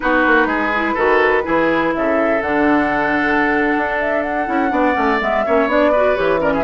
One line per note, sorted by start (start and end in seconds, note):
0.00 0.26 B3
0.00 0.71 D#4
0.00 0.47 F#4
0.00 1.92 B4
0.26 0.45 A#3
0.45 0.94 G#3
0.45 0.93 G#4
0.75 0.96 E4
0.93 1.44 D#3
0.93 1.43 F#4
0.93 1.42 A4
1.43 1.95 E3
1.43 2.40 E4
1.43 1.93 G#4
1.93 2.41 C#3
1.93 4.72 A4
1.93 2.41 E5
2.41 3.74 D3
2.41 4.46 D4
2.41 3.99 F#5
3.77 4.48 D4
3.99 4.22 E5
4.22 5.19 F#5
4.46 4.71 C#4
4.46 4.69 E4
4.69 4.95 B3
4.69 4.93 D4
4.69 5.45 D5
4.93 5.21 A3
4.93 5.17 C#4
5.20 5.45 G#3
5.20 5.45 B3
5.20 5.69 E5
5.45 5.67 A#3
5.45 5.68 C#4
5.45 5.91 C#5
5.67 6.15 B3
5.67 5.92 D4
5.67 6.16 D5
5.91 6.15 F#4
5.91 6.40 B4
6.15 6.64 E3
6.15 6.39 G4
6.15 6.40 C#5
6.39 6.63 C#4
6.39 6.53 A#4
6.39 6.54 D5
6.53 6.64 G#4
6.53 6.64 E5